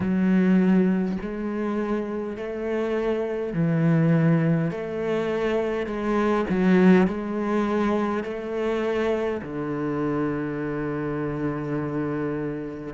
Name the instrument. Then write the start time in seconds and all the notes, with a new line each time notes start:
cello
0.00 F#3
1.21 G#3
2.36 A3
3.53 E3
4.71 A3
5.86 G#3
6.49 F#3
7.07 G#3
8.24 A3
9.41 D3